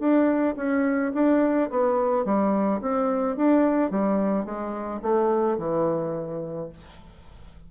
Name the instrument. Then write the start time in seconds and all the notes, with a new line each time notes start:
bassoon
0.00 D4
0.57 C#4
1.15 D4
1.71 B3
2.26 G3
2.82 C4
3.37 D4
3.91 G3
4.45 G#3
5.03 A3
5.58 E3